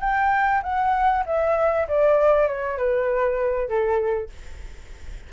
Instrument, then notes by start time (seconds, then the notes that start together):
flute
0.00 G5
0.62 F#5
1.26 E5
1.88 D5
2.47 C#5
2.77 B4
3.68 A4